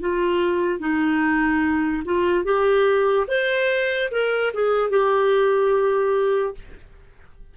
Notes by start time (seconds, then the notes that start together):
0.00 F4
0.80 D#4
2.05 F4
2.44 G4
3.27 C5
4.11 A#4
4.53 G#4
4.90 G4